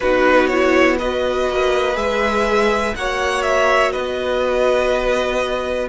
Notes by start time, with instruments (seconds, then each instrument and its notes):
0.00 cello B3, viola D#4, violin F#4 B4
0.47 viola E4, violin C#5
0.98 viola F#4, violin B4 D#5
1.48 cello A#3
1.94 cello G#3, viola G#4, violin E5
2.95 cello A#3, viola F#4, violin C#5 F#5
3.42 violin E5
3.91 cello B3, violin B4 D#5